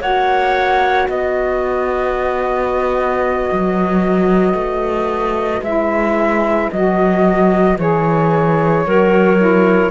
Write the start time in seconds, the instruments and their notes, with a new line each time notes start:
0.00 cello A#3, saxophone F#4, clarinet C#5, flute F#5
1.07 cello B3, clarinet B4, flute D#5
3.52 cello F#3
4.54 cello A3
5.61 cello G#3, saxophone E4, flute E5
6.71 cello F#3, saxophone F#4, flute D#5
7.77 cello E3, saxophone G#4, flute C#5
8.85 cello F#3, saxophone F#4, clarinet A#4
9.37 saxophone E4